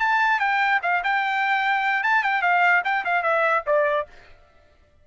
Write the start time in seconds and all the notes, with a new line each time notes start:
0.00 A5
0.40 G5
0.83 F5
1.04 G5
2.03 A5
2.23 G5
2.42 F5
2.84 G5
3.05 F5
3.23 E5
3.67 D5